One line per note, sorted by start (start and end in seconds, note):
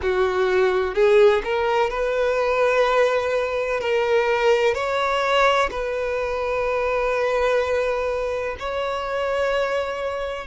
0.02 0.94 F#4
0.94 1.42 G#4
1.44 1.90 A#4
1.90 3.80 B4
3.80 4.74 A#4
4.74 5.69 C#5
5.71 8.56 B4
8.59 10.46 C#5